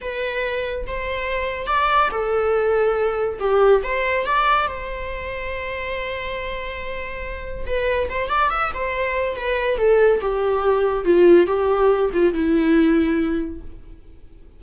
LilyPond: \new Staff \with { instrumentName = "viola" } { \time 4/4 \tempo 4 = 141 b'2 c''2 | d''4 a'2. | g'4 c''4 d''4 c''4~ | c''1~ |
c''2 b'4 c''8 d''8 | e''8 c''4. b'4 a'4 | g'2 f'4 g'4~ | g'8 f'8 e'2. | }